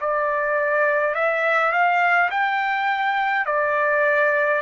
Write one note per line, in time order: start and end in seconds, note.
0.00 1.14 D5
1.14 1.72 E5
1.72 2.30 F5
2.30 3.46 G5
3.46 4.61 D5